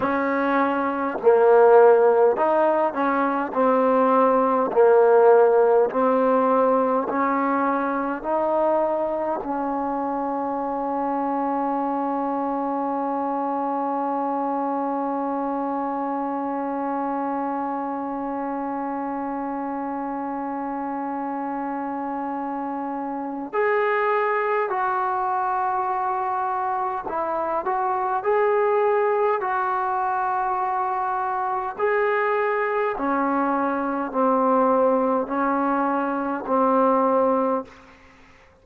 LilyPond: \new Staff \with { instrumentName = "trombone" } { \time 4/4 \tempo 4 = 51 cis'4 ais4 dis'8 cis'8 c'4 | ais4 c'4 cis'4 dis'4 | cis'1~ | cis'1~ |
cis'1 | gis'4 fis'2 e'8 fis'8 | gis'4 fis'2 gis'4 | cis'4 c'4 cis'4 c'4 | }